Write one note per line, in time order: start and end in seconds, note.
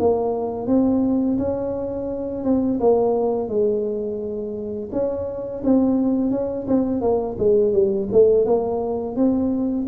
0.00 0.67 A#3
0.67 1.38 C4
1.39 2.44 C#4
2.44 2.80 C4
2.80 3.49 A#3
3.49 4.90 G#3
4.93 5.63 C#4
5.64 6.31 C4
6.31 6.66 C#4
6.68 7.01 C4
7.01 7.37 A#3
7.39 7.73 G#3
7.73 8.09 G3
8.12 8.46 A3
8.46 9.16 A#3
9.16 9.87 C4